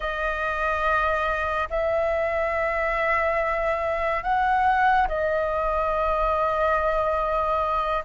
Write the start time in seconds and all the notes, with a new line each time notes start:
0.00 D#5
1.69 E5
4.23 F#5
5.08 D#5